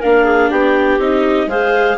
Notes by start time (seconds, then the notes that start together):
0.00 A#3 D4 A#4 F5
0.25 G#4
0.50 B3 G4 G5
0.98 C4 D#4 D#5
1.47 G#3 G#4 C5 F5